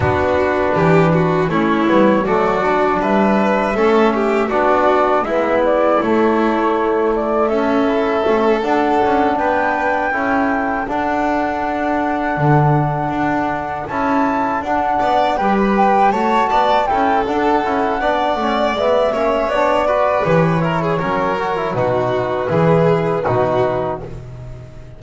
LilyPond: <<
  \new Staff \with { instrumentName = "flute" } { \time 4/4 \tempo 4 = 80 b'2 cis''4 d''4 | e''2 d''4 e''8 d''8 | cis''4. d''8 e''4. fis''8~ | fis''8 g''2 fis''4.~ |
fis''2~ fis''8 a''4 fis''8~ | fis''8 g''16 b''16 g''8 a''4 g''8 fis''4~ | fis''4 e''4 d''4 cis''4~ | cis''4 b'2. | }
  \new Staff \with { instrumentName = "violin" } { \time 4/4 fis'4 g'8 fis'8 e'4 fis'4 | b'4 a'8 g'8 fis'4 e'4~ | e'2 a'2~ | a'8 b'4 a'2~ a'8~ |
a'1 | d''8 b'4 cis''8 d''8 a'4. | d''4. cis''4 b'4 ais'16 gis'16 | ais'4 fis'4 gis'4 fis'4 | }
  \new Staff \with { instrumentName = "trombone" } { \time 4/4 d'2 cis'8 b8 a8 d'8~ | d'4 cis'4 d'4 b4 | a2~ a8 e'8 cis'8 d'8~ | d'4. e'4 d'4.~ |
d'2~ d'8 e'4 d'8~ | d'8 g'4 fis'4 e'8 d'8 e'8 | d'8 cis'8 b8 cis'8 d'8 fis'8 g'8 e'8 | cis'8 fis'16 e'16 dis'4 e'4 dis'4 | }
  \new Staff \with { instrumentName = "double bass" } { \time 4/4 b4 e4 a8 g8 fis4 | g4 a4 b4 gis4 | a2 cis'4 a8 d'8 | cis'8 b4 cis'4 d'4.~ |
d'8 d4 d'4 cis'4 d'8 | b8 g4 a8 b8 cis'8 d'8 cis'8 | b8 a8 gis8 ais8 b4 e4 | fis4 b,4 e4 b,4 | }
>>